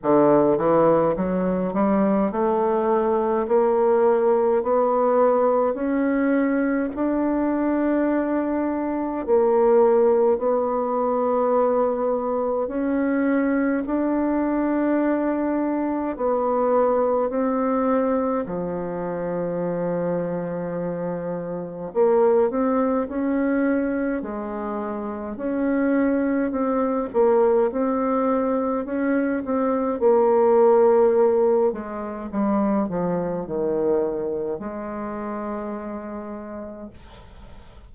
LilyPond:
\new Staff \with { instrumentName = "bassoon" } { \time 4/4 \tempo 4 = 52 d8 e8 fis8 g8 a4 ais4 | b4 cis'4 d'2 | ais4 b2 cis'4 | d'2 b4 c'4 |
f2. ais8 c'8 | cis'4 gis4 cis'4 c'8 ais8 | c'4 cis'8 c'8 ais4. gis8 | g8 f8 dis4 gis2 | }